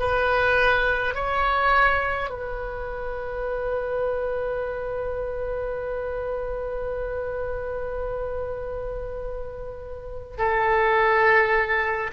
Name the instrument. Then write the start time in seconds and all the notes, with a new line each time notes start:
oboe
0.00 B4
1.15 C#5
2.30 B4
10.38 A4